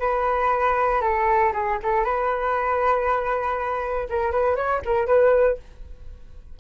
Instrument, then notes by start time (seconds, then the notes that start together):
flute
0.00 B4
1.02 A4
1.53 G#4
1.83 A4
2.05 B4
4.10 A#4
4.32 B4
4.56 C#5
4.86 A#4
5.07 B4